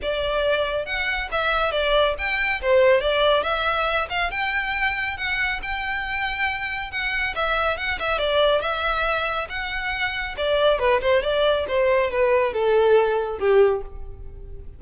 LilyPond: \new Staff \with { instrumentName = "violin" } { \time 4/4 \tempo 4 = 139 d''2 fis''4 e''4 | d''4 g''4 c''4 d''4 | e''4. f''8 g''2 | fis''4 g''2. |
fis''4 e''4 fis''8 e''8 d''4 | e''2 fis''2 | d''4 b'8 c''8 d''4 c''4 | b'4 a'2 g'4 | }